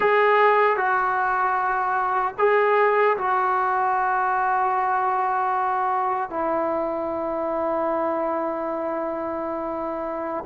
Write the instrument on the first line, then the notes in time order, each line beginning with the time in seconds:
trombone
0.00 G#4
0.76 F#4
2.38 G#4
3.17 F#4
6.29 E4